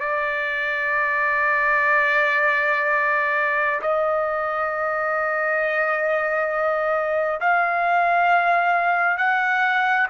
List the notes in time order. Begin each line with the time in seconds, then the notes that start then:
0.00 D5
3.81 D#5
7.40 F5
9.18 F#5